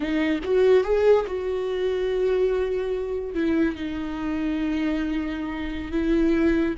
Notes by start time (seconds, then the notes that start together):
0.00 D#4
0.44 F#4
0.84 G#4
1.26 F#4
3.34 E4
3.75 D#4
5.91 E4